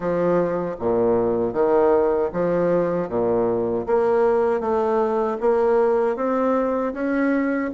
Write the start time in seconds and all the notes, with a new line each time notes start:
0.00 F3
0.79 A#2
1.53 D#3
2.33 F3
3.08 A#2
3.86 A#3
4.60 A3
5.40 A#3
6.16 C4
6.93 C#4